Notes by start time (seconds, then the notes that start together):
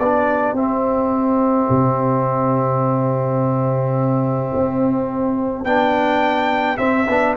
0.00 B3 D4 G4 D5
0.54 C4 E5
1.70 C3
4.55 C4
5.65 B3 D4 G5
6.78 C4 E5
7.09 B3 D4